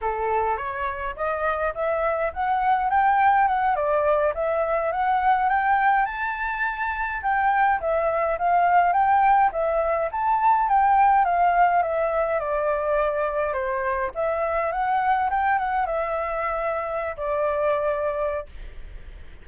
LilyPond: \new Staff \with { instrumentName = "flute" } { \time 4/4 \tempo 4 = 104 a'4 cis''4 dis''4 e''4 | fis''4 g''4 fis''8 d''4 e''8~ | e''8 fis''4 g''4 a''4.~ | a''8 g''4 e''4 f''4 g''8~ |
g''8 e''4 a''4 g''4 f''8~ | f''8 e''4 d''2 c''8~ | c''8 e''4 fis''4 g''8 fis''8 e''8~ | e''4.~ e''16 d''2~ d''16 | }